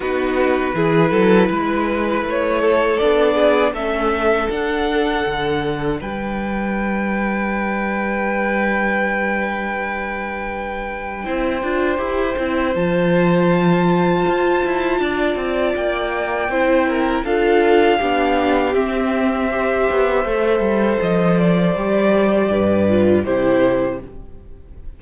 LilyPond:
<<
  \new Staff \with { instrumentName = "violin" } { \time 4/4 \tempo 4 = 80 b'2. cis''4 | d''4 e''4 fis''2 | g''1~ | g''1~ |
g''4 a''2.~ | a''4 g''2 f''4~ | f''4 e''2. | dis''8 d''2~ d''8 c''4 | }
  \new Staff \with { instrumentName = "violin" } { \time 4/4 fis'4 gis'8 a'8 b'4. a'8~ | a'8 gis'8 a'2. | b'1~ | b'2. c''4~ |
c''1 | d''2 c''8 ais'8 a'4 | g'2 c''2~ | c''2 b'4 g'4 | }
  \new Staff \with { instrumentName = "viola" } { \time 4/4 dis'4 e'2. | d'4 cis'4 d'2~ | d'1~ | d'2. e'8 f'8 |
g'8 e'8 f'2.~ | f'2 e'4 f'4 | d'4 c'4 g'4 a'4~ | a'4 g'4. f'8 e'4 | }
  \new Staff \with { instrumentName = "cello" } { \time 4/4 b4 e8 fis8 gis4 a4 | b4 a4 d'4 d4 | g1~ | g2. c'8 d'8 |
e'8 c'8 f2 f'8 e'8 | d'8 c'8 ais4 c'4 d'4 | b4 c'4. b8 a8 g8 | f4 g4 g,4 c4 | }
>>